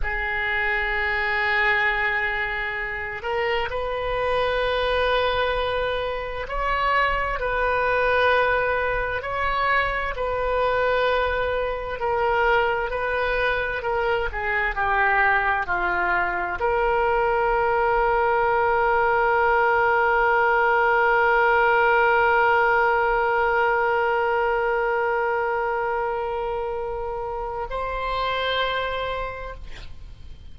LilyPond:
\new Staff \with { instrumentName = "oboe" } { \time 4/4 \tempo 4 = 65 gis'2.~ gis'8 ais'8 | b'2. cis''4 | b'2 cis''4 b'4~ | b'4 ais'4 b'4 ais'8 gis'8 |
g'4 f'4 ais'2~ | ais'1~ | ais'1~ | ais'2 c''2 | }